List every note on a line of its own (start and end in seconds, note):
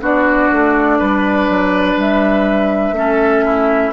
0.00 0.49 B3
0.00 2.95 D4
0.00 0.98 F#4
0.00 1.99 D5
0.51 1.00 A3
0.98 1.49 G3
0.98 2.95 B4
1.49 1.95 F#3
1.95 2.91 G3
1.95 3.92 E5
2.91 3.90 A3
2.91 3.92 C#4
2.91 3.44 A4
3.44 3.92 E4